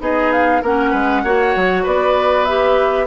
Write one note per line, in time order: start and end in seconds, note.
0.00 0.62 B3
0.00 0.61 D#4
0.00 0.62 G#4
0.00 0.32 D#5
0.32 0.63 F5
0.62 0.93 A#3
0.62 1.25 C#4
0.62 0.91 A#4
0.62 1.87 F#5
0.91 1.24 G#3
0.91 1.21 B4
1.24 1.55 A#3
1.24 2.48 F#4
1.24 1.83 C#5
1.55 1.86 F#3
1.83 3.07 B3
1.83 3.05 B4
1.83 2.45 D5
2.45 3.07 G4
2.45 3.06 E5